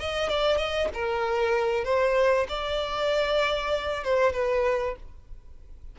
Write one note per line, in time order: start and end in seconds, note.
0.00 0.29 D#5
0.29 0.57 D5
0.57 0.89 D#5
0.94 1.85 A#4
1.85 2.47 C5
2.49 4.04 D5
4.04 4.33 C5
4.33 4.95 B4